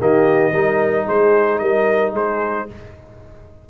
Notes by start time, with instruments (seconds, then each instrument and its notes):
0.00 tuba D#3, trombone A#3, horn G4, trumpet D#5
0.51 tuba G3, trombone D#4, horn A#4
1.06 tuba G#3, horn G#4, trumpet C5
1.58 tuba G3, horn A#4, trumpet D#5
2.13 tuba G#3, horn G#4, trumpet C5